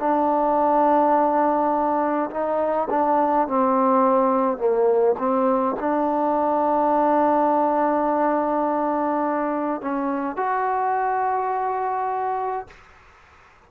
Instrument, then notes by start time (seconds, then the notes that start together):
trombone
0.00 D4
2.31 D#4
2.91 D4
3.48 C4
4.58 A#3
5.19 C4
5.80 D4
9.82 C#4
10.37 F#4